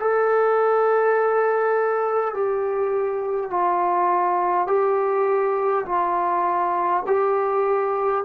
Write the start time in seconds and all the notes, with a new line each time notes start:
0.00 A4
2.34 G4
3.50 F4
4.67 G4
5.86 F4
7.07 G4